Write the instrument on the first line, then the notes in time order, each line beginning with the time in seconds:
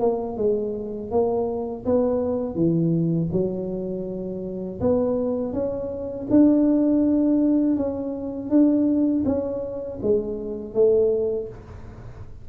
tuba
0.00 A#3
0.37 G#3
1.11 A#3
1.85 B3
2.55 E3
3.32 F#3
4.80 B3
5.53 C#4
6.30 D4
7.76 C#4
8.50 D4
9.26 C#4
10.02 G#3
10.74 A3